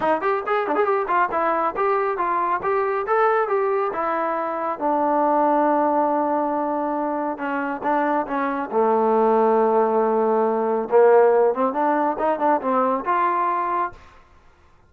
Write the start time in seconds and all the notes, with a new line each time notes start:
0.00 D#4
0.21 G4
0.46 G#4
0.67 D4
0.75 G#4
0.84 G4
1.07 F4
1.31 E4
1.76 G4
2.17 F4
2.62 G4
3.06 A4
3.48 G4
3.92 E4
4.79 D4
7.38 C#4
7.83 D4
8.26 C#4
8.71 A3
10.90 A#3
11.54 C4
11.73 D4
12.18 D#4
12.39 D4
12.61 C4
13.05 F4